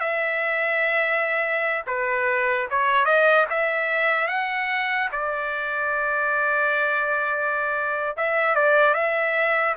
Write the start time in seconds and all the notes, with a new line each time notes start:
0.00 E5
1.86 B4
2.71 C#5
3.05 D#5
3.50 E5
4.28 F#5
5.12 D5
8.17 E5
8.55 D5
8.94 E5